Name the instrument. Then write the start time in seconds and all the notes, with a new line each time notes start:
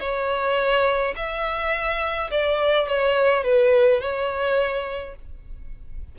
violin
0.00 C#5
1.16 E5
2.31 D5
2.88 C#5
3.43 B4
4.01 C#5